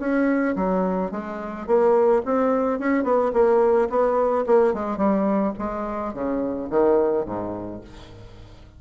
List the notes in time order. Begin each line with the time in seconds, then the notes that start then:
0.00 C#4
0.56 F#3
1.11 G#3
1.67 A#3
2.26 C4
2.80 C#4
3.04 B3
3.33 A#3
3.90 B3
4.47 A#3
4.74 G#3
4.98 G3
5.59 G#3
6.14 C#3
6.70 D#3
7.26 G#2